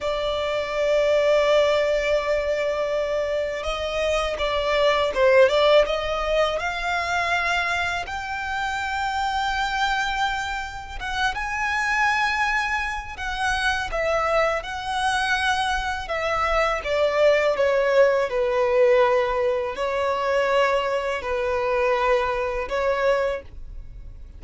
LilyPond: \new Staff \with { instrumentName = "violin" } { \time 4/4 \tempo 4 = 82 d''1~ | d''4 dis''4 d''4 c''8 d''8 | dis''4 f''2 g''4~ | g''2. fis''8 gis''8~ |
gis''2 fis''4 e''4 | fis''2 e''4 d''4 | cis''4 b'2 cis''4~ | cis''4 b'2 cis''4 | }